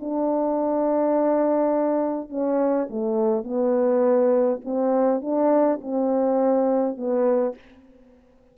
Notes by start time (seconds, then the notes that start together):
0.00 D4
2.29 C#4
2.90 A3
3.44 B3
4.64 C4
5.21 D4
5.81 C4
6.97 B3